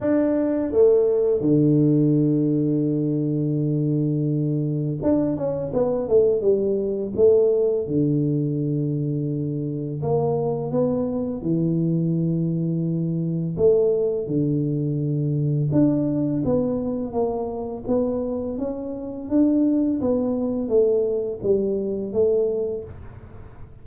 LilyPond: \new Staff \with { instrumentName = "tuba" } { \time 4/4 \tempo 4 = 84 d'4 a4 d2~ | d2. d'8 cis'8 | b8 a8 g4 a4 d4~ | d2 ais4 b4 |
e2. a4 | d2 d'4 b4 | ais4 b4 cis'4 d'4 | b4 a4 g4 a4 | }